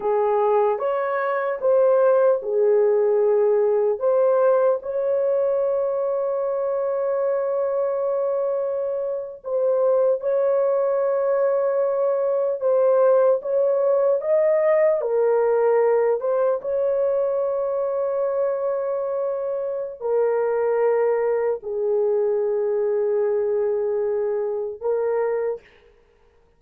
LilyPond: \new Staff \with { instrumentName = "horn" } { \time 4/4 \tempo 4 = 75 gis'4 cis''4 c''4 gis'4~ | gis'4 c''4 cis''2~ | cis''2.~ cis''8. c''16~ | c''8. cis''2. c''16~ |
c''8. cis''4 dis''4 ais'4~ ais'16~ | ais'16 c''8 cis''2.~ cis''16~ | cis''4 ais'2 gis'4~ | gis'2. ais'4 | }